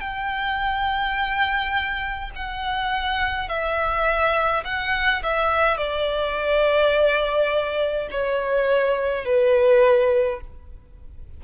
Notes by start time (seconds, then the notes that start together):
0.00 G5
2.35 F#5
3.48 E5
4.65 F#5
5.23 E5
5.77 D5
8.11 C#5
9.25 B4